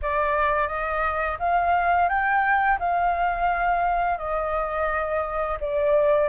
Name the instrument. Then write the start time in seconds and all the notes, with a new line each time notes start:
flute
0.02 D5
0.67 D#5
1.39 F5
2.08 G5
2.79 F5
4.18 D#5
5.60 D5